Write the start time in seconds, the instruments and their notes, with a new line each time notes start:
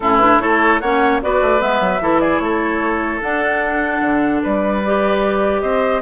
0.00 bassoon A2, clarinet C#4, oboe E4, flute A4
0.17 clarinet D4, flute B4
0.40 bassoon A3, clarinet E4, oboe A4, flute C#5
0.80 bassoon A#3, clarinet C#4, oboe C#5, flute F#5
1.22 bassoon B3, clarinet F#4, oboe B4, flute D5
1.41 bassoon A3
1.59 bassoon G#3, clarinet B3, flute E5
1.80 bassoon F#3
2.00 bassoon E3, clarinet E4, oboe A4
2.20 oboe G#4, flute D5
2.39 bassoon A3, oboe A4, flute C#5
3.21 clarinet D4, bassoon D4, flute F#5
4.01 bassoon D3
4.42 bassoon G3, oboe B4, flute D5
4.86 clarinet G4
5.61 bassoon C4, oboe C5, flute D#5